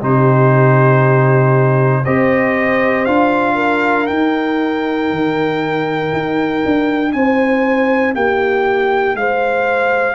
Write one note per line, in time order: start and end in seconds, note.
0.00 2.05 C3
0.00 2.04 D#4
0.00 2.03 G4
0.00 2.04 C5
2.04 3.07 C4
2.04 3.07 G4
2.04 3.55 C5
2.04 3.05 D#5
3.05 4.08 D4
3.05 4.08 F4
3.05 4.07 F5
3.55 7.11 A#4
4.07 10.15 D#4
4.07 5.11 D#4
4.07 7.12 G5
5.11 6.12 D#3
6.13 6.64 D#4
6.65 7.14 D4
7.12 8.15 C4
7.12 8.15 C5
7.12 8.14 G#5
8.15 9.15 A#3
8.15 9.17 G4
8.15 9.16 G5
9.15 10.15 G#3
9.15 10.15 C5
9.15 10.15 F5